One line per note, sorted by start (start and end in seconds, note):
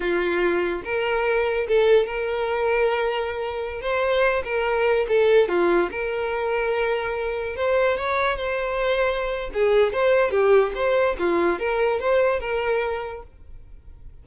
0.00 0.82 F4
0.84 1.67 A#4
1.68 2.06 A4
2.06 3.81 A#4
3.81 4.43 C5
4.44 5.06 A#4
5.08 5.48 A4
5.48 5.89 F4
5.91 7.56 A#4
7.56 7.97 C5
7.97 8.36 C#5
8.36 9.50 C5
9.53 9.93 G#4
9.93 10.31 C5
10.31 10.72 G4
10.75 11.16 C5
11.19 11.59 F4
11.59 12.00 A#4
12.00 12.39 C5
12.39 13.22 A#4